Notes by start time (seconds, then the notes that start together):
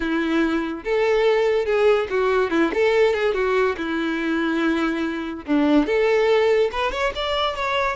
0.00 E4
0.84 A4
1.65 G#4
2.09 F#4
2.50 E4
2.73 A4
3.13 G#4
3.34 F#4
3.77 E4
5.45 D4
5.86 A4
6.72 B4
6.91 C#5
7.15 D5
7.55 C#5